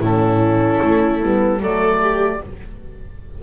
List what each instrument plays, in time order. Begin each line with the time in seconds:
0.00 double bass A2, horn C#4, viola E4, oboe A4
0.83 double bass A3
1.23 double bass G3, horn B3
1.61 double bass F#3, horn A3, viola A4, oboe D5
2.02 viola G4